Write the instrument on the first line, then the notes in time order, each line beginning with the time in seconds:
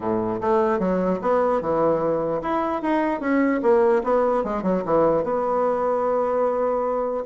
bassoon
0.00 A2
0.40 A3
0.79 F#3
1.21 B3
1.61 E3
2.42 E4
2.82 D#4
3.20 C#4
3.62 A#3
4.03 B3
4.44 G#3
4.63 F#3
4.85 E3
5.23 B3